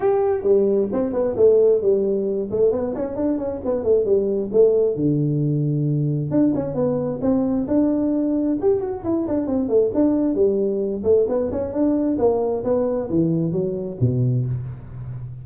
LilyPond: \new Staff \with { instrumentName = "tuba" } { \time 4/4 \tempo 4 = 133 g'4 g4 c'8 b8 a4 | g4. a8 b8 cis'8 d'8 cis'8 | b8 a8 g4 a4 d4~ | d2 d'8 cis'8 b4 |
c'4 d'2 g'8 fis'8 | e'8 d'8 c'8 a8 d'4 g4~ | g8 a8 b8 cis'8 d'4 ais4 | b4 e4 fis4 b,4 | }